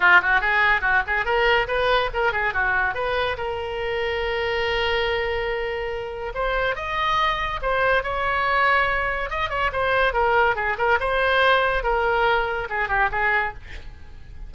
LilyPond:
\new Staff \with { instrumentName = "oboe" } { \time 4/4 \tempo 4 = 142 f'8 fis'8 gis'4 fis'8 gis'8 ais'4 | b'4 ais'8 gis'8 fis'4 b'4 | ais'1~ | ais'2. c''4 |
dis''2 c''4 cis''4~ | cis''2 dis''8 cis''8 c''4 | ais'4 gis'8 ais'8 c''2 | ais'2 gis'8 g'8 gis'4 | }